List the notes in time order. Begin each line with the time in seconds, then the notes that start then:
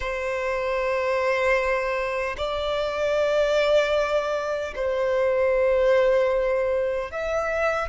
0.00 C5
2.37 D5
4.75 C5
7.11 E5